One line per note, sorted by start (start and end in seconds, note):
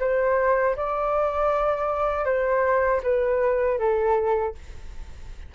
0.00 0.76 C5
0.76 2.25 D5
2.25 3.01 C5
3.03 3.79 B4
3.79 4.55 A4